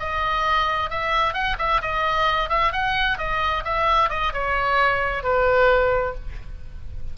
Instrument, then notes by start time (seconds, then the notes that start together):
oboe
0.00 D#5
0.90 E5
1.34 F#5
1.59 E5
1.82 D#5
2.50 E5
2.73 F#5
3.18 D#5
3.65 E5
4.10 D#5
4.33 C#5
5.24 B4